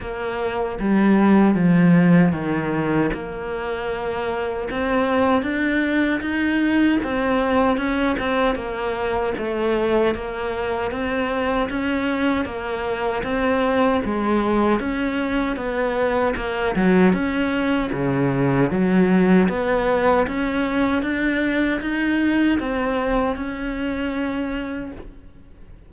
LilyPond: \new Staff \with { instrumentName = "cello" } { \time 4/4 \tempo 4 = 77 ais4 g4 f4 dis4 | ais2 c'4 d'4 | dis'4 c'4 cis'8 c'8 ais4 | a4 ais4 c'4 cis'4 |
ais4 c'4 gis4 cis'4 | b4 ais8 fis8 cis'4 cis4 | fis4 b4 cis'4 d'4 | dis'4 c'4 cis'2 | }